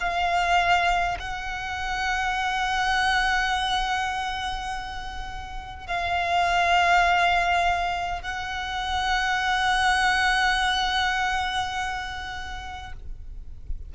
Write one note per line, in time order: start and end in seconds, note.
0.00 1.18 F5
1.19 5.87 F#5
5.87 8.22 F5
8.22 12.93 F#5